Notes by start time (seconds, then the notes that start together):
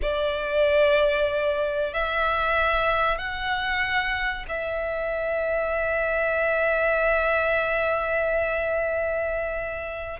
0.02 D5
1.93 E5
3.17 F#5
4.48 E5